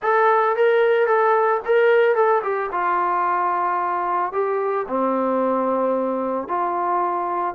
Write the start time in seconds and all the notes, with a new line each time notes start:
0.02 A4
0.56 A#4
1.07 A4
1.65 A#4
2.15 A4
2.43 G4
2.71 F4
4.32 G4
4.88 C4
6.47 F4